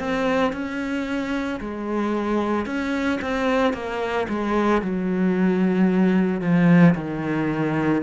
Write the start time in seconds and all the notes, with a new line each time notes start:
0.00 C4
0.53 C#4
1.60 G#3
2.66 C#4
3.22 C4
3.74 A#3
4.29 G#3
4.82 F#3
6.41 F3
6.95 D#3